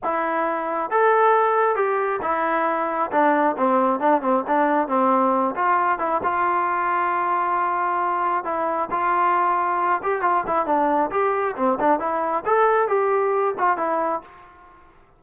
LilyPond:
\new Staff \with { instrumentName = "trombone" } { \time 4/4 \tempo 4 = 135 e'2 a'2 | g'4 e'2 d'4 | c'4 d'8 c'8 d'4 c'4~ | c'8 f'4 e'8 f'2~ |
f'2. e'4 | f'2~ f'8 g'8 f'8 e'8 | d'4 g'4 c'8 d'8 e'4 | a'4 g'4. f'8 e'4 | }